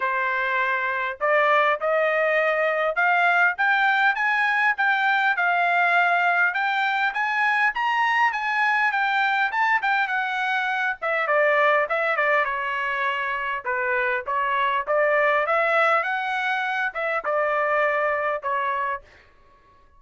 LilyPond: \new Staff \with { instrumentName = "trumpet" } { \time 4/4 \tempo 4 = 101 c''2 d''4 dis''4~ | dis''4 f''4 g''4 gis''4 | g''4 f''2 g''4 | gis''4 ais''4 gis''4 g''4 |
a''8 g''8 fis''4. e''8 d''4 | e''8 d''8 cis''2 b'4 | cis''4 d''4 e''4 fis''4~ | fis''8 e''8 d''2 cis''4 | }